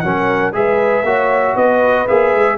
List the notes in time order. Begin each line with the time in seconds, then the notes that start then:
0.00 F#3 C#4 A#4 F#5
0.53 G#3 G#4 B4 E5
1.03 A#3 F#4 C#5
1.55 B3 B4 D#5
2.08 A#3 G#4 E5
2.34 G#3